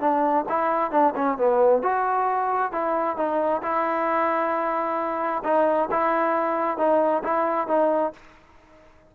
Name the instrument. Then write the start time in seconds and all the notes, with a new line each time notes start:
trombone
0.00 D4
0.49 E4
0.91 D4
1.15 C#4
1.38 B3
1.83 F#4
2.72 E4
3.17 D#4
3.62 E4
5.44 D#4
5.91 E4
6.78 D#4
7.24 E4
7.68 D#4